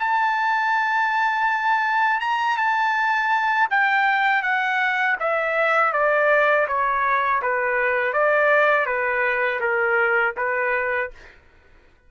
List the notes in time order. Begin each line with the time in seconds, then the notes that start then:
0.00 A5
2.21 A#5
2.57 A5
3.71 G5
4.43 F#5
5.20 E5
5.93 D5
6.68 C#5
7.42 B4
8.13 D5
8.86 B4
9.61 A#4
10.37 B4